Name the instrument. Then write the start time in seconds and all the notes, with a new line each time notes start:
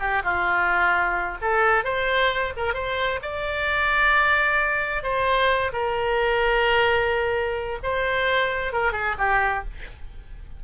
oboe
0.00 G4
0.24 F4
1.42 A4
1.85 C5
2.57 A#4
2.74 C5
3.23 D5
5.03 C5
5.73 A#4
7.83 C5
8.73 A#4
8.93 G#4
9.19 G4